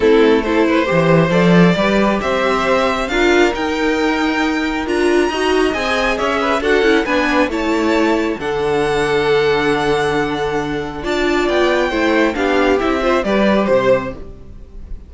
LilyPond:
<<
  \new Staff \with { instrumentName = "violin" } { \time 4/4 \tempo 4 = 136 a'4 c''2 d''4~ | d''4 e''2 f''4 | g''2. ais''4~ | ais''4 gis''4 e''4 fis''4 |
gis''4 a''2 fis''4~ | fis''1~ | fis''4 a''4 g''2 | f''4 e''4 d''4 c''4 | }
  \new Staff \with { instrumentName = "violin" } { \time 4/4 e'4 a'8 b'8 c''2 | b'4 c''2 ais'4~ | ais'1 | dis''2 cis''8 b'8 a'4 |
b'4 cis''2 a'4~ | a'1~ | a'4 d''2 c''4 | g'4. c''8 b'4 c''4 | }
  \new Staff \with { instrumentName = "viola" } { \time 4/4 c'4 e'4 g'4 a'4 | g'2. f'4 | dis'2. f'4 | fis'4 gis'2 fis'8 e'8 |
d'4 e'2 d'4~ | d'1~ | d'4 f'2 e'4 | d'4 e'8 f'8 g'2 | }
  \new Staff \with { instrumentName = "cello" } { \time 4/4 a2 e4 f4 | g4 c'2 d'4 | dis'2. d'4 | dis'4 c'4 cis'4 d'8 cis'8 |
b4 a2 d4~ | d1~ | d4 d'4 b4 a4 | b4 c'4 g4 c4 | }
>>